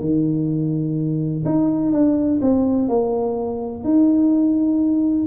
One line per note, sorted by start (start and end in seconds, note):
0.00 1.44 D#3
1.45 1.92 D#4
1.92 2.40 D4
2.42 2.88 C4
2.88 3.84 A#3
3.84 5.27 D#4